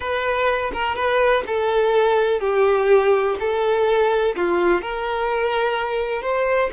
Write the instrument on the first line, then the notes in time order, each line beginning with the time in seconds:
violin
0.00 B4
0.73 A#4
0.95 B4
1.46 A4
2.40 G4
3.39 A4
4.35 F4
4.81 A#4
6.22 C5